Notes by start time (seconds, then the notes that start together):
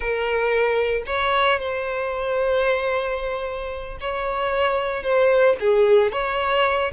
0.00 A#4
1.06 C#5
1.59 C5
4.00 C#5
5.03 C5
5.60 G#4
6.12 C#5